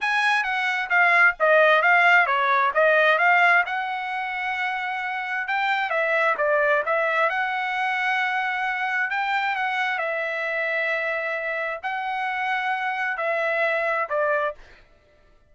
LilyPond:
\new Staff \with { instrumentName = "trumpet" } { \time 4/4 \tempo 4 = 132 gis''4 fis''4 f''4 dis''4 | f''4 cis''4 dis''4 f''4 | fis''1 | g''4 e''4 d''4 e''4 |
fis''1 | g''4 fis''4 e''2~ | e''2 fis''2~ | fis''4 e''2 d''4 | }